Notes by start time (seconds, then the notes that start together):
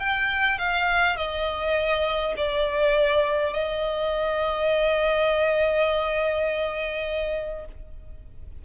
0.00 G5
0.59 F5
1.17 D#5
2.37 D5
3.53 D#5